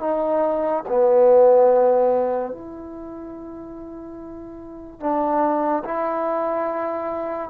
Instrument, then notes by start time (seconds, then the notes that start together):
trombone
0.00 D#4
0.89 B3
2.52 E4
5.00 D4
5.84 E4